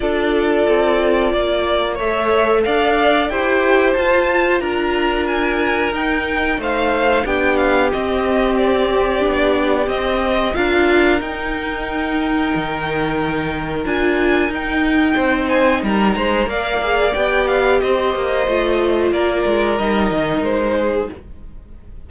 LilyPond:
<<
  \new Staff \with { instrumentName = "violin" } { \time 4/4 \tempo 4 = 91 d''2. e''4 | f''4 g''4 a''4 ais''4 | gis''4 g''4 f''4 g''8 f''8 | dis''4 d''2 dis''4 |
f''4 g''2.~ | g''4 gis''4 g''4. gis''8 | ais''4 f''4 g''8 f''8 dis''4~ | dis''4 d''4 dis''4 c''4 | }
  \new Staff \with { instrumentName = "violin" } { \time 4/4 a'2 d''4 cis''4 | d''4 c''2 ais'4~ | ais'2 c''4 g'4~ | g'1 |
ais'1~ | ais'2. c''4 | ais'8 c''8 d''2 c''4~ | c''4 ais'2~ ais'8 gis'8 | }
  \new Staff \with { instrumentName = "viola" } { \time 4/4 f'2. a'4~ | a'4 g'4 f'2~ | f'4 dis'2 d'4 | c'2 d'4 c'4 |
f'4 dis'2.~ | dis'4 f'4 dis'2~ | dis'4 ais'8 gis'8 g'2 | f'2 dis'2 | }
  \new Staff \with { instrumentName = "cello" } { \time 4/4 d'4 c'4 ais4 a4 | d'4 e'4 f'4 d'4~ | d'4 dis'4 a4 b4 | c'2 b4 c'4 |
d'4 dis'2 dis4~ | dis4 d'4 dis'4 c'4 | g8 gis8 ais4 b4 c'8 ais8 | a4 ais8 gis8 g8 dis8 gis4 | }
>>